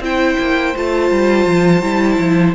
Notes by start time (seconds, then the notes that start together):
0.00 C4 E4 C5 G5
0.39 A#3
0.76 A3 F4 A5
1.11 G3
1.46 F3
1.82 G3 E4
2.19 F3